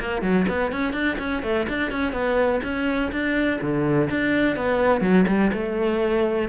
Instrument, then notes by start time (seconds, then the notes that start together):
cello
0.00 A#3
0.22 F#3
0.49 B3
0.72 C#4
0.93 D4
1.19 C#4
1.43 A3
1.69 D4
1.92 C#4
2.13 B3
2.63 C#4
3.12 D4
3.62 D3
4.10 D4
4.57 B3
5.01 F#3
5.28 G3
5.53 A3